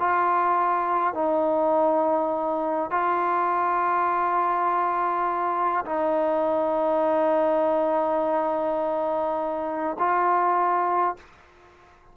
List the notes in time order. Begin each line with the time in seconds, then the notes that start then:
0.00 F4
1.15 D#4
2.91 F4
5.86 D#4
9.99 F4